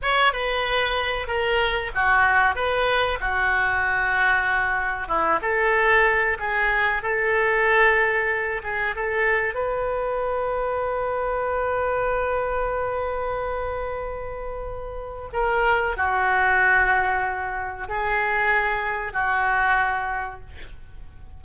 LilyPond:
\new Staff \with { instrumentName = "oboe" } { \time 4/4 \tempo 4 = 94 cis''8 b'4. ais'4 fis'4 | b'4 fis'2. | e'8 a'4. gis'4 a'4~ | a'4. gis'8 a'4 b'4~ |
b'1~ | b'1 | ais'4 fis'2. | gis'2 fis'2 | }